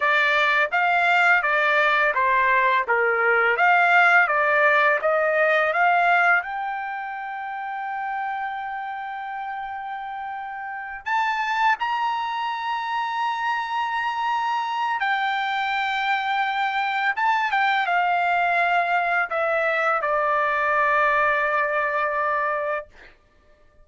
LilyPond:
\new Staff \with { instrumentName = "trumpet" } { \time 4/4 \tempo 4 = 84 d''4 f''4 d''4 c''4 | ais'4 f''4 d''4 dis''4 | f''4 g''2.~ | g''2.~ g''8 a''8~ |
a''8 ais''2.~ ais''8~ | ais''4 g''2. | a''8 g''8 f''2 e''4 | d''1 | }